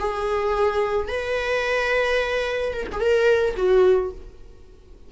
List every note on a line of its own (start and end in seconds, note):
0.00 1.08 G#4
1.08 2.73 B4
2.73 2.87 A#4
2.92 3.00 G#4
3.00 3.55 A#4
3.57 4.12 F#4